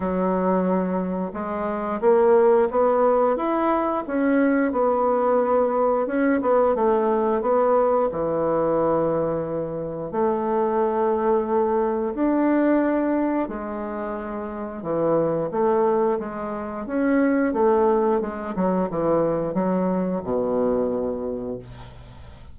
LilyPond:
\new Staff \with { instrumentName = "bassoon" } { \time 4/4 \tempo 4 = 89 fis2 gis4 ais4 | b4 e'4 cis'4 b4~ | b4 cis'8 b8 a4 b4 | e2. a4~ |
a2 d'2 | gis2 e4 a4 | gis4 cis'4 a4 gis8 fis8 | e4 fis4 b,2 | }